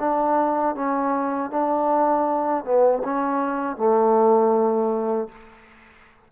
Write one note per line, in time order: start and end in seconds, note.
0.00 0.75 D4
0.75 1.51 C#4
1.51 2.64 D4
2.64 3.02 B3
3.04 3.77 C#4
3.77 5.29 A3